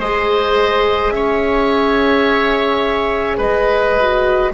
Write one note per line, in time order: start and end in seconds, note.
0.00 1.11 G#3
0.00 3.99 G#4
0.00 1.13 C5
0.00 1.11 D#5
1.11 3.38 C#4
1.11 3.38 C#5
1.11 3.37 E5
3.38 4.51 G#3
3.38 4.51 B4
3.38 4.53 D#5
4.00 4.54 F#4